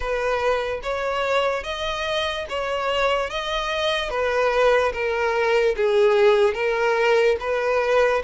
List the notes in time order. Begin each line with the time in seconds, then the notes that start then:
0.00 B4
0.83 C#5
1.63 D#5
2.49 C#5
3.30 D#5
4.10 B4
4.92 A#4
5.76 G#4
6.54 A#4
7.40 B4